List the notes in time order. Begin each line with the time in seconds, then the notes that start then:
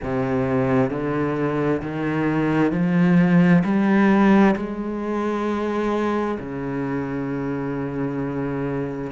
0.02 C3
0.90 D3
1.81 D#3
2.72 F3
3.64 G3
4.56 G#3
6.38 C#3